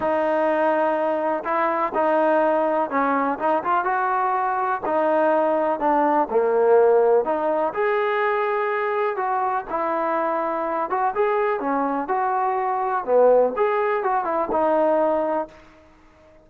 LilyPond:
\new Staff \with { instrumentName = "trombone" } { \time 4/4 \tempo 4 = 124 dis'2. e'4 | dis'2 cis'4 dis'8 f'8 | fis'2 dis'2 | d'4 ais2 dis'4 |
gis'2. fis'4 | e'2~ e'8 fis'8 gis'4 | cis'4 fis'2 b4 | gis'4 fis'8 e'8 dis'2 | }